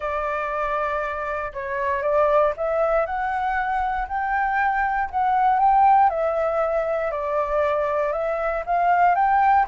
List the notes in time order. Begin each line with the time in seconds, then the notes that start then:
0.00 D5
1.53 C#5
2.02 D5
2.56 E5
3.06 F#5
4.08 G5
5.10 F#5
5.59 G5
6.09 E5
7.11 D5
8.12 E5
8.66 F5
9.15 G5